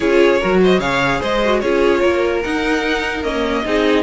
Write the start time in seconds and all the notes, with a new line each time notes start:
0.00 C#4 F4 G#4 C#5
0.40 F#3 F#4 A#4
0.63 C5 D#5
0.79 C#3 G#4 C#5 F5
1.20 G#3 C5 D#5
1.44 F#4
1.60 C#4 F4 G#4 C#5
2.00 A#3 A#4
2.43 D#4 F#5
3.23 A#3 C#4 D#5
3.65 C4 D#4 G#4